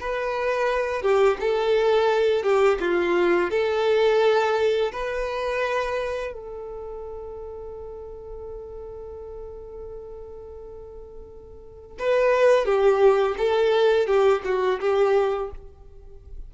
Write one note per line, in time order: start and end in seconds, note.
0.00 1.02 B4
1.02 1.37 G4
1.40 2.43 A4
2.43 2.78 G4
2.80 3.50 F4
3.50 4.92 A4
4.92 6.33 B4
6.33 11.97 A4
11.99 12.65 B4
12.65 13.36 G4
13.38 14.07 A4
14.07 14.42 G4
14.44 14.80 F#4
14.80 15.50 G4